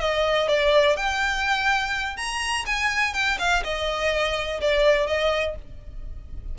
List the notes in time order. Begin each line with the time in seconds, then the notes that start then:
0.00 D#5
0.48 D5
0.97 G5
2.17 A#5
2.66 G#5
3.14 G5
3.39 F5
3.64 D#5
4.61 D5
5.07 D#5